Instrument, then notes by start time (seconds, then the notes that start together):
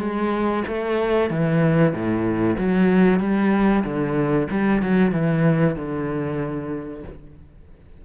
cello
0.00 G#3
0.68 A3
1.31 E3
1.94 A2
2.58 F#3
3.20 G3
3.85 D3
4.51 G3
4.83 F#3
5.12 E3
5.76 D3